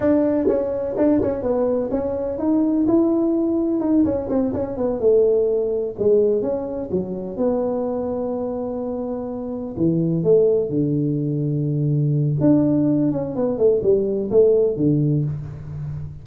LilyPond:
\new Staff \with { instrumentName = "tuba" } { \time 4/4 \tempo 4 = 126 d'4 cis'4 d'8 cis'8 b4 | cis'4 dis'4 e'2 | dis'8 cis'8 c'8 cis'8 b8 a4.~ | a8 gis4 cis'4 fis4 b8~ |
b1~ | b8 e4 a4 d4.~ | d2 d'4. cis'8 | b8 a8 g4 a4 d4 | }